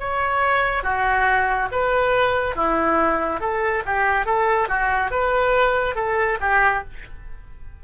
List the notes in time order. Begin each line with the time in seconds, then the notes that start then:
0.00 C#5
0.83 F#4
1.71 B4
2.56 E4
3.41 A4
3.86 G4
4.26 A4
4.68 F#4
5.11 B4
5.96 A4
6.41 G4